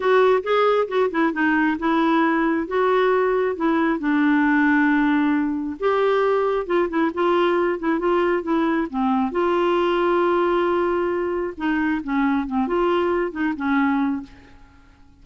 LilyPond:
\new Staff \with { instrumentName = "clarinet" } { \time 4/4 \tempo 4 = 135 fis'4 gis'4 fis'8 e'8 dis'4 | e'2 fis'2 | e'4 d'2.~ | d'4 g'2 f'8 e'8 |
f'4. e'8 f'4 e'4 | c'4 f'2.~ | f'2 dis'4 cis'4 | c'8 f'4. dis'8 cis'4. | }